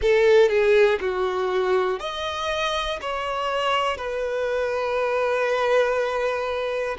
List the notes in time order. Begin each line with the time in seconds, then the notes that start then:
0.01 A4
0.49 G#4
1.00 F#4
2.00 D#5
3.01 C#5
3.97 B4